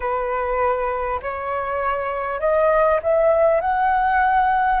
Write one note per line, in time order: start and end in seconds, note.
0.00 1.20 B4
1.22 2.40 C#5
2.40 3.00 D#5
3.02 3.60 E5
3.60 4.80 F#5